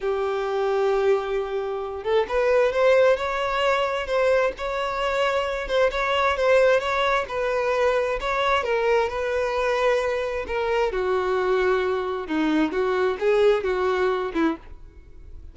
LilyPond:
\new Staff \with { instrumentName = "violin" } { \time 4/4 \tempo 4 = 132 g'1~ | g'8 a'8 b'4 c''4 cis''4~ | cis''4 c''4 cis''2~ | cis''8 c''8 cis''4 c''4 cis''4 |
b'2 cis''4 ais'4 | b'2. ais'4 | fis'2. dis'4 | fis'4 gis'4 fis'4. e'8 | }